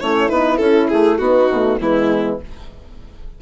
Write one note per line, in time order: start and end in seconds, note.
0.00 0.30 A3
0.00 0.29 C#4
0.00 1.19 E4
0.00 0.28 C#5
0.28 0.59 B3
0.28 0.58 D#4
0.28 0.57 B4
0.57 0.89 C#4
0.57 1.19 E4
0.57 0.87 A4
0.89 1.19 A3
0.89 1.18 G#4
1.18 1.49 B3
1.18 1.79 D#4
1.18 1.78 F#4
1.49 1.79 B2
1.49 1.80 A3
1.80 2.40 E3
1.80 2.40 G#3
1.80 2.41 B3
1.80 2.41 E4